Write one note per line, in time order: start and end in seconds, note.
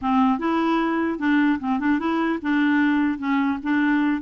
0.01 0.39 C4
0.39 1.18 E4
1.18 1.58 D4
1.59 1.79 C4
1.79 1.99 D4
1.99 2.39 E4
2.41 3.18 D4
3.18 3.58 C#4
3.62 4.21 D4